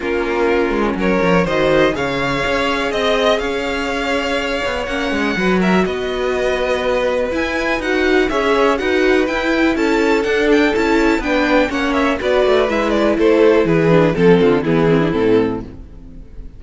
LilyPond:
<<
  \new Staff \with { instrumentName = "violin" } { \time 4/4 \tempo 4 = 123 ais'2 cis''4 dis''4 | f''2 dis''4 f''4~ | f''2 fis''4. e''8 | dis''2. gis''4 |
fis''4 e''4 fis''4 g''4 | a''4 fis''8 g''8 a''4 g''4 | fis''8 e''8 d''4 e''8 d''8 c''4 | b'4 a'4 gis'4 a'4 | }
  \new Staff \with { instrumentName = "violin" } { \time 4/4 f'2 ais'4 c''4 | cis''2 dis''4 cis''4~ | cis''2. b'8 ais'8 | b'1~ |
b'4 cis''4 b'2 | a'2. b'4 | cis''4 b'2 a'4 | gis'4 a'8 f'8 e'2 | }
  \new Staff \with { instrumentName = "viola" } { \time 4/4 cis'2. fis'4 | gis'1~ | gis'2 cis'4 fis'4~ | fis'2. e'4 |
fis'4 gis'4 fis'4 e'4~ | e'4 d'4 e'4 d'4 | cis'4 fis'4 e'2~ | e'8 d'8 c'4 b8 c'16 d'16 c'4 | }
  \new Staff \with { instrumentName = "cello" } { \time 4/4 ais4. gis8 fis8 f8 dis4 | cis4 cis'4 c'4 cis'4~ | cis'4. b8 ais8 gis8 fis4 | b2. e'4 |
dis'4 cis'4 dis'4 e'4 | cis'4 d'4 cis'4 b4 | ais4 b8 a8 gis4 a4 | e4 f8 d8 e4 a,4 | }
>>